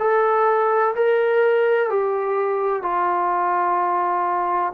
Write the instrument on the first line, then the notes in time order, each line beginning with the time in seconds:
trombone
0.00 A4
0.96 A#4
1.90 G4
2.83 F4